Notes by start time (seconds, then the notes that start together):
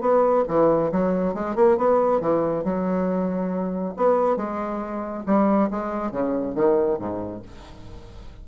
0.00 B3
0.47 E3
0.91 F#3
1.34 G#3
1.55 A#3
1.77 B3
2.20 E3
2.64 F#3
3.96 B3
4.36 G#3
5.26 G3
5.70 G#3
6.11 C#3
6.55 D#3
6.98 G#2